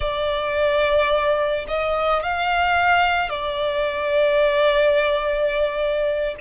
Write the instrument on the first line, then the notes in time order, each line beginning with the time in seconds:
violin
0.00 D5
1.68 D#5
2.22 F5
3.29 D5